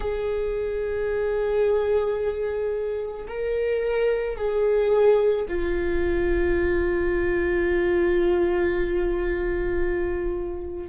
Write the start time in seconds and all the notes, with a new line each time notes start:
0.00 G#4
3.27 A#4
4.36 G#4
5.48 F4